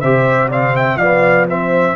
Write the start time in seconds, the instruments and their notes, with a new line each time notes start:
0.00 tuba C3, trombone G4, horn C5, trumpet E5
0.48 trombone C4, horn D5, trumpet F5
0.75 horn E5, trumpet G5
0.96 tuba F3, trombone B3, horn D5, trumpet F5
1.48 trombone C4, horn C5, trumpet E5